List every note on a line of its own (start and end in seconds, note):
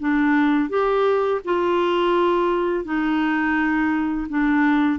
0.00 0.70 D4
0.70 1.42 G4
1.45 2.85 F4
2.85 4.28 D#4
4.29 5.00 D4